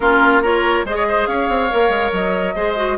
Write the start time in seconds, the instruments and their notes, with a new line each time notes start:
0.00 bassoon A#3, clarinet C#4, oboe F4, flute A#4
0.42 clarinet F4, oboe A#4, flute C#5
0.84 bassoon G#3, clarinet G#4, oboe C5, flute D#5
0.95 oboe C#5
1.08 oboe C5
1.26 bassoon C#4, oboe C#5, flute F5
1.48 bassoon C4
1.69 bassoon A#3, clarinet A#4
1.89 bassoon G#3
2.12 bassoon F#3, flute D#5
2.55 bassoon G#3, clarinet G#4, oboe C5
2.76 clarinet F#4